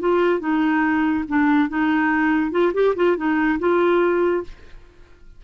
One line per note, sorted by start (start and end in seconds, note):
0.00 0.40 F4
0.40 1.24 D#4
1.28 1.69 D4
1.69 2.51 D#4
2.51 2.73 F4
2.74 2.95 G4
2.96 3.17 F4
3.17 3.59 D#4
3.59 4.44 F4